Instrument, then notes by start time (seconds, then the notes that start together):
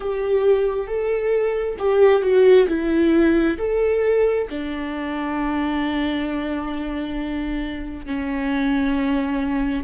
viola
0.00 G4
0.87 A4
1.79 G4
2.21 F#4
2.68 E4
3.58 A4
4.50 D4
8.06 C#4